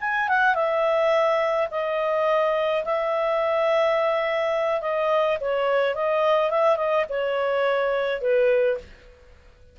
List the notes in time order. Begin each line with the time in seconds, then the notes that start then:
0.00 G#5
0.28 F#5
0.54 E5
1.71 D#5
2.84 E5
4.81 D#5
5.40 C#5
5.94 D#5
6.50 E5
6.76 D#5
7.09 C#5
8.21 B4